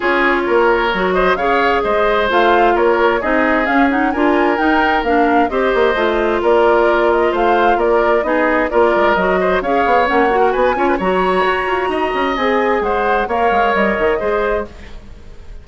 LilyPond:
<<
  \new Staff \with { instrumentName = "flute" } { \time 4/4 \tempo 4 = 131 cis''2~ cis''8 dis''8 f''4 | dis''4 f''4 cis''4 dis''4 | f''8 fis''8 gis''4 g''4 f''4 | dis''2 d''4. dis''8 |
f''4 d''4 dis''4 d''4 | dis''4 f''4 fis''4 gis''4 | ais''2. gis''4 | fis''4 f''4 dis''2 | }
  \new Staff \with { instrumentName = "oboe" } { \time 4/4 gis'4 ais'4. c''8 cis''4 | c''2 ais'4 gis'4~ | gis'4 ais'2. | c''2 ais'2 |
c''4 ais'4 gis'4 ais'4~ | ais'8 c''8 cis''4.~ cis''16 ais'16 b'8 cis''16 b'16 | cis''2 dis''2 | c''4 cis''2 c''4 | }
  \new Staff \with { instrumentName = "clarinet" } { \time 4/4 f'2 fis'4 gis'4~ | gis'4 f'2 dis'4 | cis'8 dis'8 f'4 dis'4 d'4 | g'4 f'2.~ |
f'2 dis'4 f'4 | fis'4 gis'4 cis'8 fis'4 f'8 | fis'2. gis'4~ | gis'4 ais'2 gis'4 | }
  \new Staff \with { instrumentName = "bassoon" } { \time 4/4 cis'4 ais4 fis4 cis4 | gis4 a4 ais4 c'4 | cis'4 d'4 dis'4 ais4 | c'8 ais8 a4 ais2 |
a4 ais4 b4 ais8 gis8 | fis4 cis'8 b8 ais4 b8 cis'8 | fis4 fis'8 f'8 dis'8 cis'8 c'4 | gis4 ais8 gis8 g8 dis8 gis4 | }
>>